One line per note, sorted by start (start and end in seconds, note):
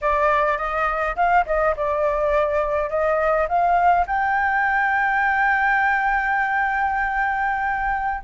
0.01 0.57 D5
0.57 1.15 D#5
1.16 1.44 F5
1.46 1.74 D#5
1.76 2.89 D5
2.89 3.47 D#5
3.48 4.06 F5
4.06 8.23 G5